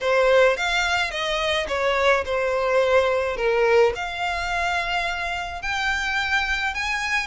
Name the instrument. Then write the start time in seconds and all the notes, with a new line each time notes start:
violin
0.01 C5
0.57 F5
1.10 D#5
1.68 C#5
2.25 C5
3.36 A#4
3.95 F5
5.62 G5
6.74 G#5